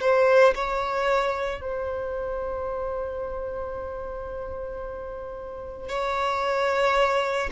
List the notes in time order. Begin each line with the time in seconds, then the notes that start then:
0.00 C5
0.54 C#5
1.61 C5
5.88 C#5